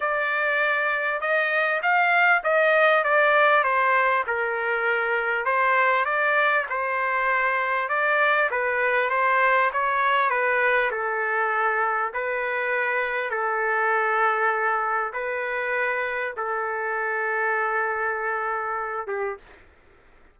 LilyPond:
\new Staff \with { instrumentName = "trumpet" } { \time 4/4 \tempo 4 = 99 d''2 dis''4 f''4 | dis''4 d''4 c''4 ais'4~ | ais'4 c''4 d''4 c''4~ | c''4 d''4 b'4 c''4 |
cis''4 b'4 a'2 | b'2 a'2~ | a'4 b'2 a'4~ | a'2.~ a'8 g'8 | }